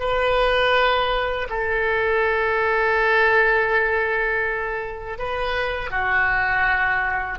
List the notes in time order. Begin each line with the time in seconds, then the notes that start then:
0.00 B4
1.50 A4
5.19 B4
5.91 F#4